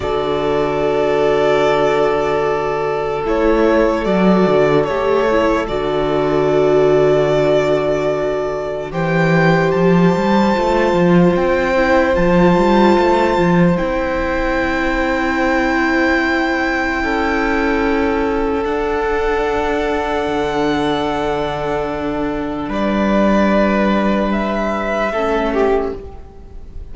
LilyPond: <<
  \new Staff \with { instrumentName = "violin" } { \time 4/4 \tempo 4 = 74 d''1 | cis''4 d''4 cis''4 d''4~ | d''2. g''4 | a''2 g''4 a''4~ |
a''4 g''2.~ | g''2. fis''4~ | fis''1 | d''2 e''2 | }
  \new Staff \with { instrumentName = "violin" } { \time 4/4 a'1~ | a'1~ | a'2. c''4~ | c''1~ |
c''1~ | c''4 a'2.~ | a'1 | b'2. a'8 g'8 | }
  \new Staff \with { instrumentName = "viola" } { \time 4/4 fis'1 | e'4 fis'4 g'8 e'8 fis'4~ | fis'2. g'4~ | g'4 f'4. e'8 f'4~ |
f'4 e'2.~ | e'2. d'4~ | d'1~ | d'2. cis'4 | }
  \new Staff \with { instrumentName = "cello" } { \time 4/4 d1 | a4 fis8 d8 a4 d4~ | d2. e4 | f8 g8 a8 f8 c'4 f8 g8 |
a8 f8 c'2.~ | c'4 cis'2 d'4~ | d'4 d2. | g2. a4 | }
>>